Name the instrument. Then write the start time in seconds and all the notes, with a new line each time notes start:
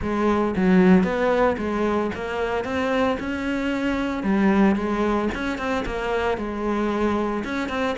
cello
0.01 G#3
0.56 F#3
1.03 B3
1.57 G#3
2.14 A#3
2.64 C4
3.19 C#4
4.23 G3
4.75 G#3
5.34 C#4
5.58 C4
5.86 A#3
6.37 G#3
7.44 C#4
7.68 C4